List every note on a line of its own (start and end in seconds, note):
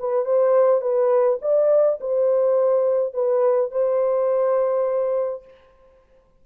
0.00 0.26 B4
0.26 0.82 C5
0.82 1.39 B4
1.42 2.00 D5
2.01 3.14 C5
3.14 3.72 B4
3.72 5.45 C5